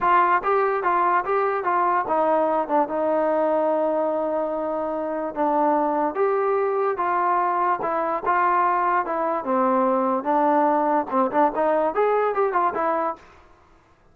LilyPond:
\new Staff \with { instrumentName = "trombone" } { \time 4/4 \tempo 4 = 146 f'4 g'4 f'4 g'4 | f'4 dis'4. d'8 dis'4~ | dis'1~ | dis'4 d'2 g'4~ |
g'4 f'2 e'4 | f'2 e'4 c'4~ | c'4 d'2 c'8 d'8 | dis'4 gis'4 g'8 f'8 e'4 | }